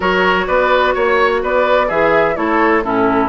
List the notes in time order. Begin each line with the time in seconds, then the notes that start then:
0.00 F#3 F#4 A#4 C#5
0.47 B3 B4 D5
0.94 A#3 C#5
1.42 B3 B4 D5
1.87 E3 G#4 E5
2.34 A3 E4 A4 C#5
2.83 A2 C#4 E4 A4